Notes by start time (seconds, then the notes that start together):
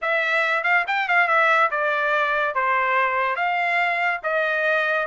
0.01 E5
0.63 F5
0.87 G5
1.08 F5
1.27 E5
1.70 D5
2.54 C5
3.36 F5
4.23 D#5